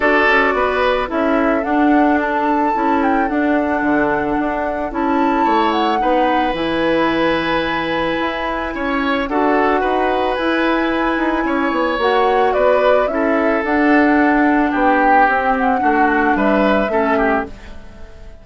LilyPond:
<<
  \new Staff \with { instrumentName = "flute" } { \time 4/4 \tempo 4 = 110 d''2 e''4 fis''4 | a''4. g''8 fis''2~ | fis''4 a''4. fis''4. | gis''1~ |
gis''4 fis''2 gis''4~ | gis''2 fis''4 d''4 | e''4 fis''2 g''4~ | g''8 fis''4. e''2 | }
  \new Staff \with { instrumentName = "oboe" } { \time 4/4 a'4 b'4 a'2~ | a'1~ | a'2 cis''4 b'4~ | b'1 |
cis''4 a'4 b'2~ | b'4 cis''2 b'4 | a'2. g'4~ | g'4 fis'4 b'4 a'8 g'8 | }
  \new Staff \with { instrumentName = "clarinet" } { \time 4/4 fis'2 e'4 d'4~ | d'4 e'4 d'2~ | d'4 e'2 dis'4 | e'1~ |
e'4 fis'2 e'4~ | e'2 fis'2 | e'4 d'2. | c'4 d'2 cis'4 | }
  \new Staff \with { instrumentName = "bassoon" } { \time 4/4 d'8 cis'8 b4 cis'4 d'4~ | d'4 cis'4 d'4 d4 | d'4 cis'4 a4 b4 | e2. e'4 |
cis'4 d'4 dis'4 e'4~ | e'8 dis'8 cis'8 b8 ais4 b4 | cis'4 d'2 b4 | c'4 a4 g4 a4 | }
>>